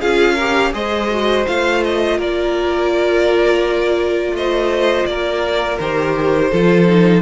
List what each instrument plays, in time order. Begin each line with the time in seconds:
0.00 cello C#4, viola F4, violin G#4 F5
0.34 viola G4, violin A#4
0.73 cello G#3, viola G#4, violin C5 D#5
1.10 viola F#4
1.46 cello A3, viola F4, violin F5
1.84 violin D#5
2.17 cello A#3, violin A#4 D5
4.32 cello A3, violin C5 D#5
5.06 cello A#3, violin A#4 D5
5.79 cello D#3, viola G4, violin C5
6.50 cello F3, viola F4, violin A4
6.86 viola D#4